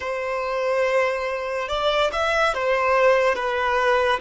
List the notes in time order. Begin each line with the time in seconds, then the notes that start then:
0.00 C5
1.68 D5
2.12 E5
2.54 C5
3.35 B4